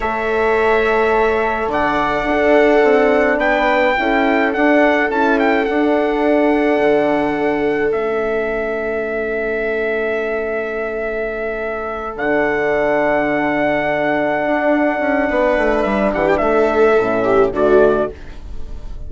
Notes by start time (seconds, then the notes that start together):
0.00 A3 A4 C#5 E5
1.67 D3 D5 F#5
2.23 D4
2.29 D4 A4
2.83 C4
3.37 B3 B4 G5
3.96 C#4 E4 A4
4.52 D4 F#5
5.09 C#4 E4 A5
5.39 G5
5.65 D4 F#5
6.79 D3
7.92 A3 C#4 E5
12.16 D3 D4 F#5
14.46 D4
14.99 C#4
15.29 B3 B4
15.57 A3
15.82 G3 E5
16.12 E3 G4 F#5
16.28 G5
16.37 A3 A4 E5
16.97 A2 C#4
17.23 G4
17.51 D3 A3 F#4 D5